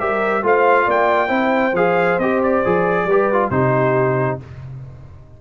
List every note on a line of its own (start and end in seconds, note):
0.00 0.43 G3
0.00 0.43 G4
0.00 0.44 A#4
0.00 0.44 E5
0.43 0.87 A3
0.43 1.28 F4
0.43 0.86 C5
0.43 0.91 F5
0.86 1.30 A#3
0.86 1.29 D5
0.86 1.76 G5
1.28 1.73 C4
1.28 1.73 E4
1.28 3.05 C5
1.73 2.17 F3
1.73 2.20 G#4
1.73 2.19 F5
2.19 2.63 C4
2.19 2.65 G4
2.19 2.42 D#5
2.44 3.51 D5
2.65 3.05 F3
2.65 3.09 G#4
3.05 3.50 G3
3.05 3.33 G4
3.05 3.52 B4
3.33 3.52 F4
3.50 4.39 C3
3.50 4.40 D#4
3.50 4.42 G4
3.50 4.39 C5